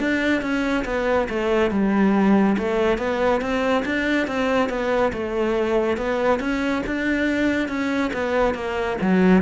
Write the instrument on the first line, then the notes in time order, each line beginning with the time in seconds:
cello
0.00 D4
0.42 C#4
0.85 B3
1.30 A3
1.71 G3
2.59 A3
2.98 B3
3.42 C4
3.85 D4
4.28 C4
4.69 B3
5.13 A3
5.98 B3
6.40 C#4
6.87 D4
7.69 C#4
8.14 B3
8.55 A#3
9.02 F#3